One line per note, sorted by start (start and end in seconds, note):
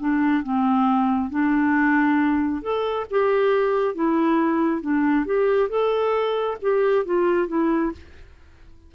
0.00 0.44 D4
0.44 1.30 C4
1.30 2.62 D4
2.62 3.06 A4
3.11 3.95 G4
3.95 4.82 E4
4.82 5.26 D4
5.26 5.69 G4
5.69 6.57 A4
6.62 7.05 G4
7.05 7.48 F4
7.48 7.92 E4